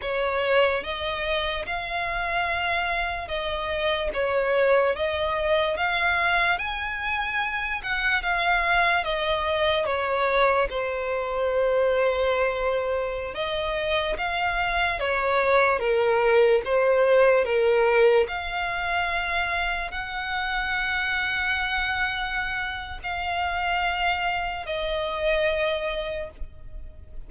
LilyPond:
\new Staff \with { instrumentName = "violin" } { \time 4/4 \tempo 4 = 73 cis''4 dis''4 f''2 | dis''4 cis''4 dis''4 f''4 | gis''4. fis''8 f''4 dis''4 | cis''4 c''2.~ |
c''16 dis''4 f''4 cis''4 ais'8.~ | ais'16 c''4 ais'4 f''4.~ f''16~ | f''16 fis''2.~ fis''8. | f''2 dis''2 | }